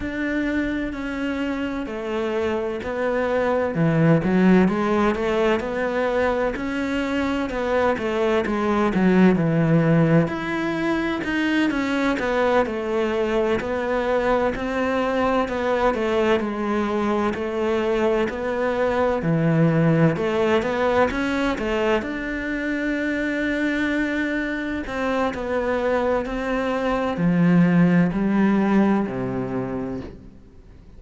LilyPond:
\new Staff \with { instrumentName = "cello" } { \time 4/4 \tempo 4 = 64 d'4 cis'4 a4 b4 | e8 fis8 gis8 a8 b4 cis'4 | b8 a8 gis8 fis8 e4 e'4 | dis'8 cis'8 b8 a4 b4 c'8~ |
c'8 b8 a8 gis4 a4 b8~ | b8 e4 a8 b8 cis'8 a8 d'8~ | d'2~ d'8 c'8 b4 | c'4 f4 g4 c4 | }